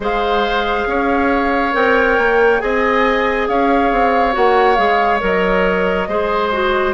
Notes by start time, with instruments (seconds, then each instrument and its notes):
0.00 bassoon G#3, clarinet G#4, oboe C5, flute F5
0.86 bassoon C#4, oboe C#5
1.73 bassoon C4, clarinet A#4, flute G5
2.18 bassoon A#3
2.59 bassoon C4, clarinet G#4, oboe D#5, flute G#5
3.47 bassoon C#4, oboe C#5, flute F5
3.91 bassoon C4
4.32 bassoon A#3, clarinet F#4, flute F#5
4.75 bassoon G#3, clarinet G#4, flute F5
5.20 bassoon F#3, clarinet A#4, flute D#5
6.08 bassoon G#3, clarinet G#4, oboe C5
6.52 clarinet F#4